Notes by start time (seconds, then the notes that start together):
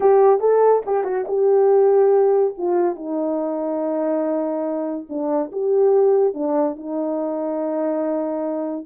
0.00 G4
0.40 A4
0.85 G4
1.04 F#4
1.27 G4
2.57 F4
2.95 D#4
5.09 D4
5.52 G4
6.34 D4
6.75 D#4